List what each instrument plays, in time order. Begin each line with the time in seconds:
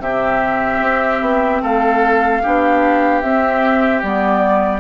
0.00 bassoon C3, clarinet C4, oboe G4, flute E5
0.81 bassoon C4
1.21 bassoon B3
1.62 bassoon A3, oboe A4, flute F5
2.43 bassoon B3, clarinet D4, oboe G4
3.22 bassoon C4, clarinet C4, flute E5
4.03 bassoon G3, clarinet B3, flute D5